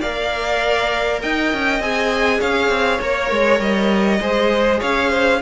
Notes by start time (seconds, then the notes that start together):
0.00 A#3 A#4 D5 F5
1.22 D#4 D#5 G5
1.53 C#4
1.80 C4 G#4 G#5
2.39 C#4 C#5 F5
2.69 C4
3.00 A#3 A#4 C#5
3.31 G#3
3.60 G3 D#5
4.20 G#3 G#4 C5
4.80 C#4 C#5 F5
5.09 C5